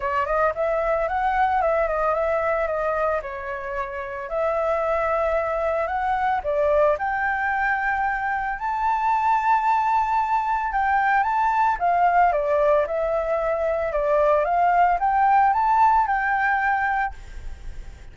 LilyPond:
\new Staff \with { instrumentName = "flute" } { \time 4/4 \tempo 4 = 112 cis''8 dis''8 e''4 fis''4 e''8 dis''8 | e''4 dis''4 cis''2 | e''2. fis''4 | d''4 g''2. |
a''1 | g''4 a''4 f''4 d''4 | e''2 d''4 f''4 | g''4 a''4 g''2 | }